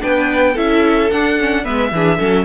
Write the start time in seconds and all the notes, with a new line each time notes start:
0.00 B3 D4 B4 G5
0.53 C#4 E4 A4 E5
1.11 D4 F#5
1.40 C#4
1.64 G#3 B3 B4 E5
1.92 E3 D4 G#4
2.19 F#3 C#4 A4